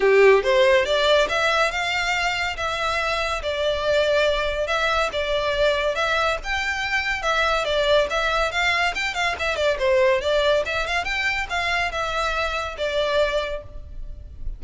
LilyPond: \new Staff \with { instrumentName = "violin" } { \time 4/4 \tempo 4 = 141 g'4 c''4 d''4 e''4 | f''2 e''2 | d''2. e''4 | d''2 e''4 g''4~ |
g''4 e''4 d''4 e''4 | f''4 g''8 f''8 e''8 d''8 c''4 | d''4 e''8 f''8 g''4 f''4 | e''2 d''2 | }